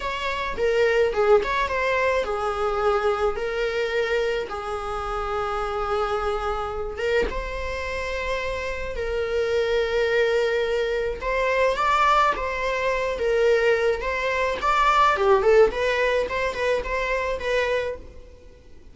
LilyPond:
\new Staff \with { instrumentName = "viola" } { \time 4/4 \tempo 4 = 107 cis''4 ais'4 gis'8 cis''8 c''4 | gis'2 ais'2 | gis'1~ | gis'8 ais'8 c''2. |
ais'1 | c''4 d''4 c''4. ais'8~ | ais'4 c''4 d''4 g'8 a'8 | b'4 c''8 b'8 c''4 b'4 | }